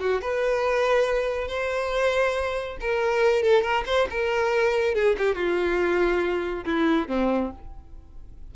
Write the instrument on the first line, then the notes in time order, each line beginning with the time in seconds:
violin
0.00 F#4
0.22 B4
1.48 C5
2.81 A#4
3.43 A4
3.62 A#4
3.86 C5
4.10 A#4
4.95 G#4
5.18 G4
5.35 F4
6.65 E4
7.08 C4